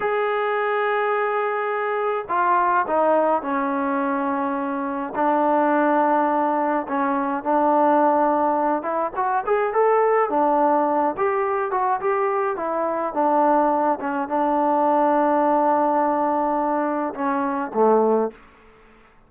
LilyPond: \new Staff \with { instrumentName = "trombone" } { \time 4/4 \tempo 4 = 105 gis'1 | f'4 dis'4 cis'2~ | cis'4 d'2. | cis'4 d'2~ d'8 e'8 |
fis'8 gis'8 a'4 d'4. g'8~ | g'8 fis'8 g'4 e'4 d'4~ | d'8 cis'8 d'2.~ | d'2 cis'4 a4 | }